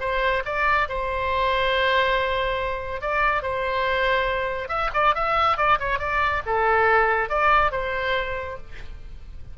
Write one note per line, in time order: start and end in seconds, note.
0.00 0.43 C5
0.45 0.88 D5
0.89 3.01 C5
3.01 3.42 D5
3.42 4.68 C5
4.68 4.90 E5
4.94 5.15 D5
5.15 5.57 E5
5.57 5.78 D5
5.79 5.99 C#5
5.99 6.42 D5
6.46 7.29 A4
7.29 7.71 D5
7.71 8.57 C5